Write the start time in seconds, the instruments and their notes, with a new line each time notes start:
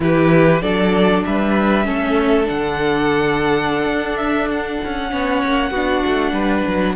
0.00 cello E3, viola E4, violin G4 B4
0.61 cello F#3, viola D4, violin A4 D5
1.25 cello G3, violin B4 E5
1.84 cello A3, viola C#4, violin A4
2.44 cello D3, viola D4, violin F#5
3.86 cello D4
4.16 violin E5
4.51 violin F#5
4.84 cello C#4
5.09 cello B3, viola C#4, violin C#5
5.44 cello A#3
5.70 cello B3, viola D4, violin F#4
6.06 cello A3
6.32 cello G3, violin B4
6.67 cello F#3